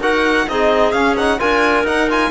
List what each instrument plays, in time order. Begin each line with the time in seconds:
0.00 cello D#4, trombone F#4, clarinet A#4, violin F#5
0.48 cello C4, trombone D#4, clarinet G#4, violin D#5
0.92 cello C#4, trombone C#4, violin F5
1.17 trombone D#4, violin F#5
1.38 cello D4, trombone F4, clarinet A#4, violin G#5
1.84 cello D#4, trombone D#4, violin F#5
2.09 trombone F4, violin G#5